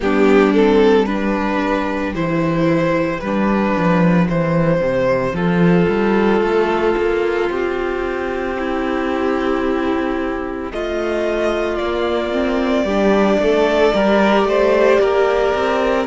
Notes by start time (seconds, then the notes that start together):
0.00 G3 B3 D4 G4
0.53 C4 A4
1.05 D4 G4 B4
2.15 E3 E4 C5
3.20 G3 D4 B4
3.77 F3
4.29 E3 C4 C5
4.81 C3
5.32 F3 F4 A4
5.88 G3
6.41 A3
6.96 A#3
7.49 C4 G4
8.58 E4
10.71 A3 F4 D#5
11.77 A#3 D5
12.31 C4
12.83 G3 D4 G4
13.38 A3 A4
13.93 G3 G4 A#4
14.44 A3 C5
15.00 A#3 A#4
15.54 C4